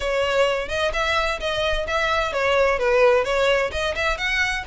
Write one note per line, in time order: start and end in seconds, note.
0.00 0.68 C#5
0.68 0.91 D#5
0.93 1.39 E5
1.40 1.86 D#5
1.87 2.33 E5
2.33 2.78 C#5
2.78 3.24 B4
3.24 3.71 C#5
3.71 3.94 D#5
3.95 4.17 E5
4.17 4.64 F#5